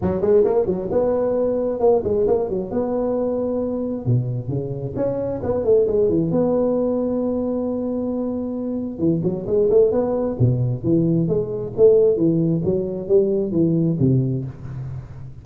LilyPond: \new Staff \with { instrumentName = "tuba" } { \time 4/4 \tempo 4 = 133 fis8 gis8 ais8 fis8 b2 | ais8 gis8 ais8 fis8 b2~ | b4 b,4 cis4 cis'4 | b8 a8 gis8 e8 b2~ |
b1 | e8 fis8 gis8 a8 b4 b,4 | e4 gis4 a4 e4 | fis4 g4 e4 c4 | }